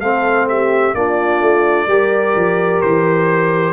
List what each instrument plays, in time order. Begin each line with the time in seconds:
0.00 tuba A3, trombone C4, horn A4, trumpet F5
0.48 horn G4, trumpet E5
0.94 tuba A#3, trombone D4, horn F4, trumpet D5
1.40 tuba A3
1.87 tuba G3, trombone G4, horn A#4
2.35 tuba F3
2.81 tuba E3, trumpet C5